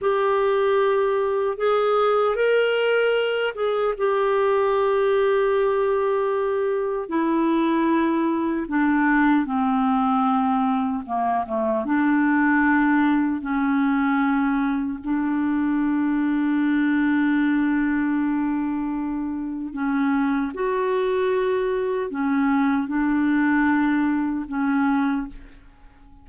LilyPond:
\new Staff \with { instrumentName = "clarinet" } { \time 4/4 \tempo 4 = 76 g'2 gis'4 ais'4~ | ais'8 gis'8 g'2.~ | g'4 e'2 d'4 | c'2 ais8 a8 d'4~ |
d'4 cis'2 d'4~ | d'1~ | d'4 cis'4 fis'2 | cis'4 d'2 cis'4 | }